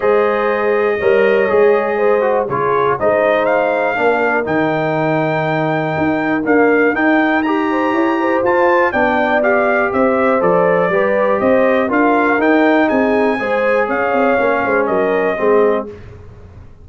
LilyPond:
<<
  \new Staff \with { instrumentName = "trumpet" } { \time 4/4 \tempo 4 = 121 dis''1~ | dis''4 cis''4 dis''4 f''4~ | f''4 g''2.~ | g''4 f''4 g''4 ais''4~ |
ais''4 a''4 g''4 f''4 | e''4 d''2 dis''4 | f''4 g''4 gis''2 | f''2 dis''2 | }
  \new Staff \with { instrumentName = "horn" } { \time 4/4 c''2 cis''2 | c''4 gis'4 c''2 | ais'1~ | ais'2.~ ais'8 c''8 |
cis''8 c''4. d''2 | c''2 b'4 c''4 | ais'2 gis'4 c''4 | cis''4. c''8 ais'4 gis'4 | }
  \new Staff \with { instrumentName = "trombone" } { \time 4/4 gis'2 ais'4 gis'4~ | gis'8 fis'8 f'4 dis'2 | d'4 dis'2.~ | dis'4 ais4 dis'4 g'4~ |
g'4 f'4 d'4 g'4~ | g'4 a'4 g'2 | f'4 dis'2 gis'4~ | gis'4 cis'2 c'4 | }
  \new Staff \with { instrumentName = "tuba" } { \time 4/4 gis2 g4 gis4~ | gis4 cis4 gis2 | ais4 dis2. | dis'4 d'4 dis'2 |
e'4 f'4 b2 | c'4 f4 g4 c'4 | d'4 dis'4 c'4 gis4 | cis'8 c'8 ais8 gis8 fis4 gis4 | }
>>